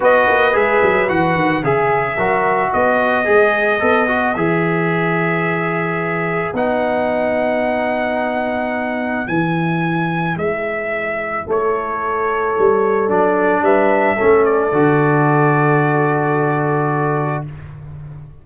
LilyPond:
<<
  \new Staff \with { instrumentName = "trumpet" } { \time 4/4 \tempo 4 = 110 dis''4 e''4 fis''4 e''4~ | e''4 dis''2. | e''1 | fis''1~ |
fis''4 gis''2 e''4~ | e''4 cis''2. | d''4 e''4. d''4.~ | d''1 | }
  \new Staff \with { instrumentName = "horn" } { \time 4/4 b'2. gis'4 | ais'4 b'2.~ | b'1~ | b'1~ |
b'1~ | b'4 a'2.~ | a'4 b'4 a'2~ | a'1 | }
  \new Staff \with { instrumentName = "trombone" } { \time 4/4 fis'4 gis'4 fis'4 gis'4 | fis'2 gis'4 a'8 fis'8 | gis'1 | dis'1~ |
dis'4 e'2.~ | e'1 | d'2 cis'4 fis'4~ | fis'1 | }
  \new Staff \with { instrumentName = "tuba" } { \time 4/4 b8 ais8 gis8 fis8 e8 dis8 cis4 | fis4 b4 gis4 b4 | e1 | b1~ |
b4 e2 gis4~ | gis4 a2 g4 | fis4 g4 a4 d4~ | d1 | }
>>